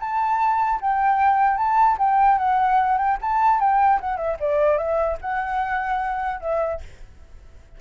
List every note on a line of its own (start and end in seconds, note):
0.00 0.80 A5
0.81 1.57 G5
1.57 1.97 A5
1.99 2.38 G5
2.38 2.98 F#5
2.98 3.18 G5
3.21 3.60 A5
3.60 4.00 G5
4.01 4.17 F#5
4.17 4.37 E5
4.40 4.78 D5
4.78 5.18 E5
5.21 6.41 F#5
6.41 6.81 E5